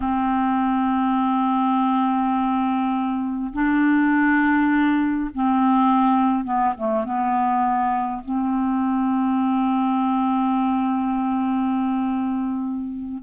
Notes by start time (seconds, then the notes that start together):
0.00 C4
3.53 D4
5.34 C4
6.44 B3
6.76 A3
7.04 B3
8.25 C4